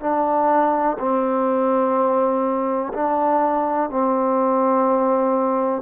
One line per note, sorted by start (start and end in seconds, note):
0.00 0.97 D4
0.99 2.93 C4
2.93 3.90 D4
3.90 5.82 C4